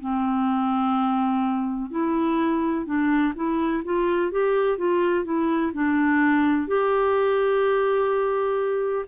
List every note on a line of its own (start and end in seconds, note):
0.00 1.90 C4
1.90 2.86 E4
2.86 3.33 D4
3.35 3.83 E4
3.84 4.31 F4
4.31 4.77 G4
4.77 5.25 F4
5.25 5.72 E4
5.73 6.67 D4
6.67 9.05 G4